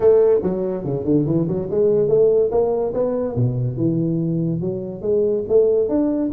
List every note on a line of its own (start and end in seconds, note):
0.00 0.40 A3
0.42 0.84 F#3
0.84 1.04 C#3
1.04 1.25 D3
1.26 1.47 E3
1.47 1.68 F#3
1.70 2.08 G#3
2.08 2.50 A3
2.51 2.93 A#3
2.93 3.35 B3
3.36 3.76 B2
3.76 4.60 E3
4.60 5.01 F#3
5.01 5.43 G#3
5.48 5.88 A3
5.88 6.30 D4